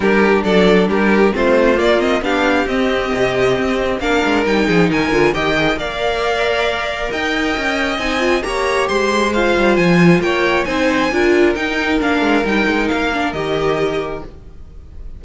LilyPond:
<<
  \new Staff \with { instrumentName = "violin" } { \time 4/4 \tempo 4 = 135 ais'4 d''4 ais'4 c''4 | d''8 dis''8 f''4 dis''2~ | dis''4 f''4 g''4 gis''4 | g''4 f''2. |
g''2 gis''4 ais''4 | c'''4 f''4 gis''4 g''4 | gis''2 g''4 f''4 | g''4 f''4 dis''2 | }
  \new Staff \with { instrumentName = "violin" } { \time 4/4 g'4 a'4 g'4 f'4~ | f'4 g'2.~ | g'4 ais'4. gis'8 ais'4 | dis''4 d''2. |
dis''2. cis''4 | c''2. cis''4 | c''4 ais'2.~ | ais'1 | }
  \new Staff \with { instrumentName = "viola" } { \time 4/4 d'2. c'4 | ais8 c'8 d'4 c'2~ | c'4 d'4 dis'4. f'8 | g'8 gis'8 ais'2.~ |
ais'2 dis'8 f'8 g'4~ | g'4 f'2. | dis'4 f'4 dis'4 d'4 | dis'4. d'8 g'2 | }
  \new Staff \with { instrumentName = "cello" } { \time 4/4 g4 fis4 g4 a4 | ais4 b4 c'4 c4 | c'4 ais8 gis8 g8 f8 dis8 d8 | dis4 ais2. |
dis'4 cis'4 c'4 ais4 | gis4. g8 f4 ais4 | c'4 d'4 dis'4 ais8 gis8 | g8 gis8 ais4 dis2 | }
>>